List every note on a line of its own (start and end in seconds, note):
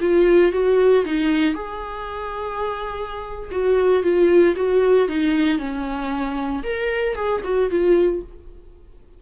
0.00 0.52 F4
0.52 1.04 F#4
1.05 1.54 D#4
1.54 3.50 G#4
3.51 4.03 F#4
4.03 4.55 F4
4.55 5.08 F#4
5.08 5.58 D#4
5.58 6.63 C#4
6.63 7.15 A#4
7.15 7.41 G#4
7.44 7.70 F#4
7.70 8.22 F4